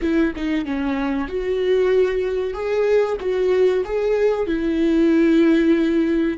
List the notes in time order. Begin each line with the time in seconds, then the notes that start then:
0.01 E4
0.36 D#4
0.65 C#4
1.28 F#4
2.53 G#4
3.20 F#4
3.85 G#4
4.47 E4